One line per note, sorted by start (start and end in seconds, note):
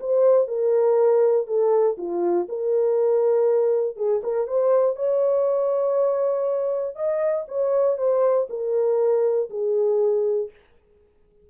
0.00 0.48 C5
0.48 1.47 A#4
1.47 1.97 A4
1.98 2.48 F4
2.49 3.96 A#4
3.96 4.21 G#4
4.23 4.47 A#4
4.47 4.96 C5
4.96 6.95 C#5
6.95 7.45 D#5
7.48 7.97 C#5
7.97 8.47 C5
8.50 9.50 A#4
9.50 10.50 G#4